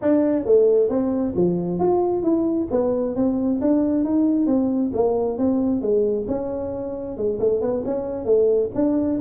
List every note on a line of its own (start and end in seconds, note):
0.01 0.45 D4
0.45 0.89 A3
0.89 1.34 C4
1.35 1.79 F3
1.79 2.22 F4
2.22 2.67 E4
2.70 3.15 B3
3.15 3.60 C4
3.61 4.04 D4
4.04 4.46 D#4
4.46 4.91 C4
4.93 5.38 A#3
5.38 5.81 C4
5.81 6.26 G#3
6.27 7.17 C#4
7.17 7.39 G#3
7.39 7.61 A3
7.61 7.83 B3
7.85 8.25 C#4
8.25 8.70 A3
8.74 9.19 D4